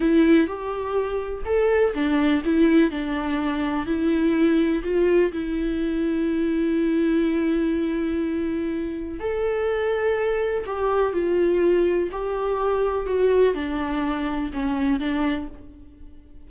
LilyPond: \new Staff \with { instrumentName = "viola" } { \time 4/4 \tempo 4 = 124 e'4 g'2 a'4 | d'4 e'4 d'2 | e'2 f'4 e'4~ | e'1~ |
e'2. a'4~ | a'2 g'4 f'4~ | f'4 g'2 fis'4 | d'2 cis'4 d'4 | }